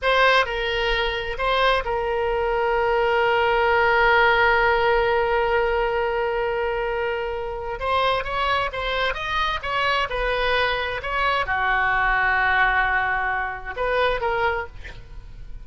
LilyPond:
\new Staff \with { instrumentName = "oboe" } { \time 4/4 \tempo 4 = 131 c''4 ais'2 c''4 | ais'1~ | ais'1~ | ais'1~ |
ais'4 c''4 cis''4 c''4 | dis''4 cis''4 b'2 | cis''4 fis'2.~ | fis'2 b'4 ais'4 | }